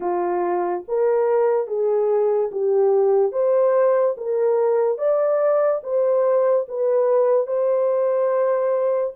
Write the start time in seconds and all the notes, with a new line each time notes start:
0.00 F4
0.87 A#4
1.67 G#4
2.51 G4
3.32 C5
4.17 A#4
4.98 D5
5.83 C5
6.68 B4
7.47 C5